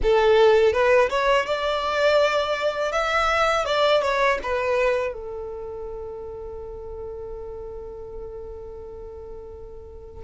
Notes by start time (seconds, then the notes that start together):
0.03 A4
0.72 B4
1.09 C#5
1.46 D5
2.92 E5
3.65 D5
4.02 C#5
4.42 B4
5.13 A4